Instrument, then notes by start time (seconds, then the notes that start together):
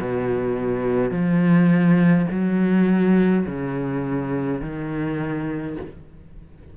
cello
0.00 B2
1.11 F3
2.30 F#3
3.46 C#3
4.61 D#3